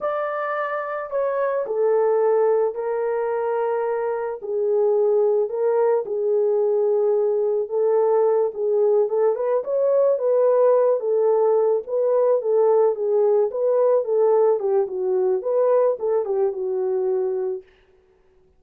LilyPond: \new Staff \with { instrumentName = "horn" } { \time 4/4 \tempo 4 = 109 d''2 cis''4 a'4~ | a'4 ais'2. | gis'2 ais'4 gis'4~ | gis'2 a'4. gis'8~ |
gis'8 a'8 b'8 cis''4 b'4. | a'4. b'4 a'4 gis'8~ | gis'8 b'4 a'4 g'8 fis'4 | b'4 a'8 g'8 fis'2 | }